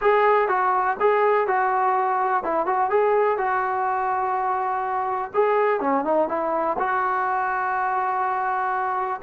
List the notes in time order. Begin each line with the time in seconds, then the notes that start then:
0.01 G#4
0.48 F#4
1.00 G#4
1.47 F#4
2.43 E4
2.66 F#4
2.89 G#4
3.37 F#4
5.34 G#4
5.80 C#4
6.04 D#4
6.28 E4
6.78 F#4